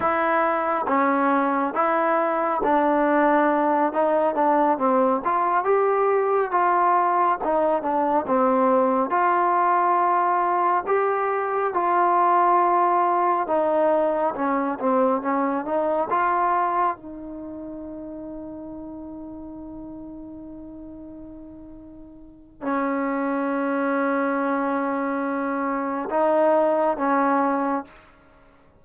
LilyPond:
\new Staff \with { instrumentName = "trombone" } { \time 4/4 \tempo 4 = 69 e'4 cis'4 e'4 d'4~ | d'8 dis'8 d'8 c'8 f'8 g'4 f'8~ | f'8 dis'8 d'8 c'4 f'4.~ | f'8 g'4 f'2 dis'8~ |
dis'8 cis'8 c'8 cis'8 dis'8 f'4 dis'8~ | dis'1~ | dis'2 cis'2~ | cis'2 dis'4 cis'4 | }